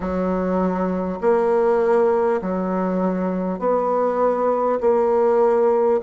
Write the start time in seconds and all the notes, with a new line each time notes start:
0.00 F#3
1.21 A#3
2.41 F#3
3.59 B3
4.80 A#3